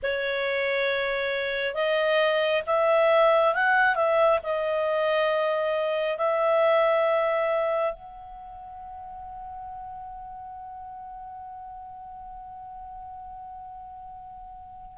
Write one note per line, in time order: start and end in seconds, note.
0.02 1.74 C#5
1.74 2.62 D#5
2.66 3.54 E5
3.54 3.95 F#5
3.95 4.39 E5
4.43 6.17 D#5
6.17 7.93 E5
7.93 14.97 F#5